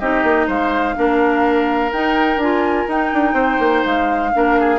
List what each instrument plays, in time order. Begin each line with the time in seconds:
0.00 bassoon C4, clarinet D#4, oboe G4, flute D#5
0.23 bassoon A#3
0.47 bassoon G#3, oboe C5, flute F5
0.95 bassoon A#3, clarinet D4, oboe A#4
1.93 bassoon D#4, clarinet D#4, flute G5
2.37 bassoon D4, clarinet F4, flute G#5
2.88 bassoon D#4, clarinet D#4, flute G5
3.13 bassoon D4
3.33 bassoon C4, oboe C5
3.59 bassoon A#3
3.85 bassoon G#3, flute F5
4.33 bassoon A#3, clarinet D4, oboe A#4
4.60 oboe G#4